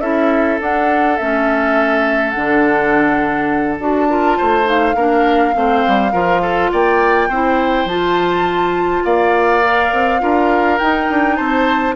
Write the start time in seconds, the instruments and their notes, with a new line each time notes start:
0.00 bassoon C#4, clarinet E4, oboe A4, flute E5
0.61 bassoon D4, clarinet D4, flute F#5
1.18 bassoon A3, clarinet C#4, flute E5
2.31 bassoon D3, clarinet D4, flute F#5
3.80 bassoon D4, clarinet F#4, flute A5
4.09 clarinet F4, oboe A#4
4.38 bassoon A3, oboe C5
4.65 clarinet D#4, flute F5
4.95 bassoon A#3, clarinet D4, oboe A#4
5.54 bassoon A3, clarinet C4, oboe C5
5.88 bassoon G3
6.13 bassoon F3, clarinet F4, oboe A#4
6.42 oboe A4
6.72 bassoon A#3, oboe D5, flute G5
7.29 bassoon C4, clarinet E4, oboe C5
7.86 bassoon F3, clarinet F4, flute A5
9.05 bassoon A#3, oboe D5, flute F5
9.64 clarinet A#4
9.93 bassoon C4
10.21 bassoon D4, clarinet F4, oboe A#4
10.79 clarinet D#4, bassoon D#4, flute G5
11.10 bassoon D4
11.36 bassoon C4, oboe C5, flute A5